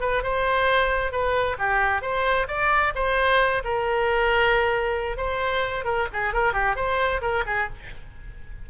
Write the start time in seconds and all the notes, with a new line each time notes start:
0.00 B4
0.23 C5
1.11 B4
1.58 G4
2.02 C5
2.48 D5
2.95 C5
3.64 A#4
5.17 C5
5.84 A#4
6.13 G#4
6.33 A#4
6.53 G4
6.75 C5
7.21 A#4
7.46 G#4